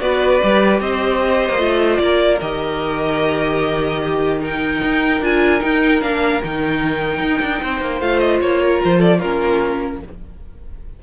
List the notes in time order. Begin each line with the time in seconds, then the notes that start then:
0.00 B3 F#4 B4 D5
0.40 G3 G4
0.80 C4 C5 D#5
1.49 A#3
1.57 A3 F4
1.97 A#3 D5
2.03 A#4
2.41 D#3 G4 D#5
4.02 G4
4.39 D#4 A#4 G5
4.83 D#4
5.20 D4 F4 G#5
5.60 D#4 G5
6.01 A#3 D4 F5
6.43 D#3 D#4 G5
7.19 D#4
7.41 D4
7.62 C4 C5
7.80 A#3
8.00 A3 F4 F5
8.19 D#5
8.41 A#3 C#5
8.61 A#4
8.83 F3 C5
8.98 A4 D5
9.18 A#3 C#4 F4 A#4